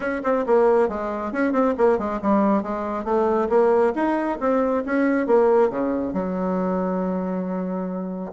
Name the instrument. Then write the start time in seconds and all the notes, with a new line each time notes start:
bassoon
0.00 C#4
0.23 C4
0.46 A#3
0.88 G#3
1.32 C#4
1.52 C4
1.77 A#3
1.98 G#3
2.22 G3
2.62 G#3
3.04 A3
3.49 A#3
3.95 D#4
4.40 C4
4.85 C#4
5.26 A#3
5.70 C#3
6.13 F#3